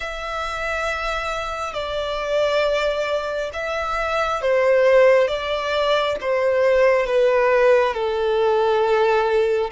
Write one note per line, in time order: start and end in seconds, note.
0.00 1.73 E5
1.73 3.50 D5
3.53 4.41 E5
4.41 5.27 C5
5.27 6.15 D5
6.20 7.06 C5
7.06 7.94 B4
7.94 9.70 A4